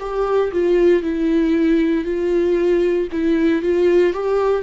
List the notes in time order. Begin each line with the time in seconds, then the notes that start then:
0.00 G4
0.52 F4
1.03 E4
2.05 F4
3.12 E4
3.63 F4
4.13 G4